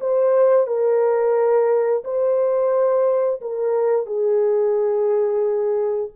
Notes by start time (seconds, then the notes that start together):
0.00 C5
0.67 A#4
2.04 C5
3.41 A#4
4.06 G#4